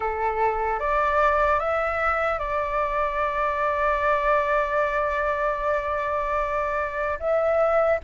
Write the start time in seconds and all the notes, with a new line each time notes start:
0.00 A4
0.79 D5
1.59 E5
2.39 D5
7.19 E5